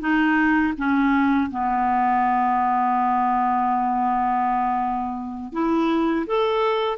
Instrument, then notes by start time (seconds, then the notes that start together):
clarinet
0.00 D#4
0.77 C#4
1.50 B3
5.52 E4
6.26 A4